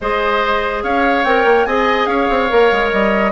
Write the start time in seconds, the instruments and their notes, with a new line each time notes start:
0.00 bassoon G#3, clarinet G#4, oboe C5, flute D#5
0.83 bassoon C#4, oboe C#5, flute F5
1.24 bassoon C4, clarinet A#4, flute G5
1.45 bassoon A#3
1.65 bassoon C4, clarinet G#4, oboe D#5, flute G#5
2.06 bassoon C#4, oboe C#5, flute F5
2.29 bassoon C4
2.48 bassoon A#3, clarinet A#4
2.71 bassoon G#3
2.91 bassoon G3, flute D#5